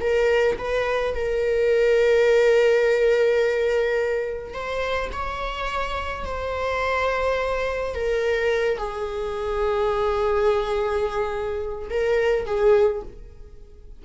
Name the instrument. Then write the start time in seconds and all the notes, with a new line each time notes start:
viola
0.00 A#4
0.58 B4
1.14 A#4
4.54 C5
5.12 C#5
6.25 C5
7.95 A#4
8.78 G#4
11.90 A#4
12.46 G#4